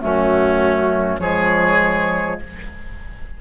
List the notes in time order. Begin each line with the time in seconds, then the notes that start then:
0.00 F#2 A3 C#4 F#4
1.19 F3 G#3 G#4 C#5